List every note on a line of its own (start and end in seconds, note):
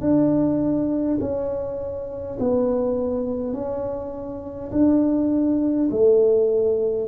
0.00 1.18 D4
1.20 2.38 C#4
2.40 3.53 B3
3.53 4.71 C#4
4.72 5.89 D4
5.90 7.07 A3